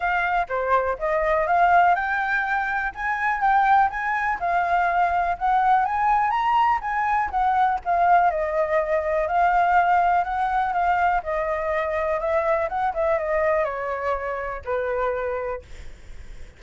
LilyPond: \new Staff \with { instrumentName = "flute" } { \time 4/4 \tempo 4 = 123 f''4 c''4 dis''4 f''4 | g''2 gis''4 g''4 | gis''4 f''2 fis''4 | gis''4 ais''4 gis''4 fis''4 |
f''4 dis''2 f''4~ | f''4 fis''4 f''4 dis''4~ | dis''4 e''4 fis''8 e''8 dis''4 | cis''2 b'2 | }